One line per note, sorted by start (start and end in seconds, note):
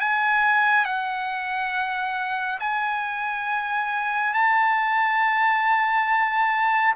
0.00 0.85 G#5
0.85 2.58 F#5
2.59 4.33 G#5
4.34 6.94 A5